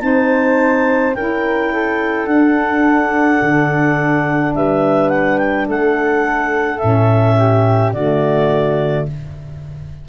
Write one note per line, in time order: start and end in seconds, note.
0.00 1.15 C4
0.00 1.13 D#4
0.00 1.16 C5
0.00 1.14 A5
1.15 2.25 C#4
1.15 2.27 E4
1.15 1.72 A#4
1.15 2.27 G5
1.73 4.56 A4
2.25 3.39 D4
2.25 6.79 D4
2.25 4.54 F#5
3.42 4.55 D3
4.55 5.68 G3
4.55 5.69 B4
4.55 5.10 E5
5.10 5.38 F#5
5.38 5.66 G5
5.68 6.82 A3
5.68 7.38 A4
5.68 6.79 F#5
6.79 7.94 A2
6.79 7.93 C#4
6.79 7.92 E5
7.38 7.94 G4
7.93 9.07 D3
7.93 9.09 A3
7.93 9.07 F#4
7.93 9.06 D5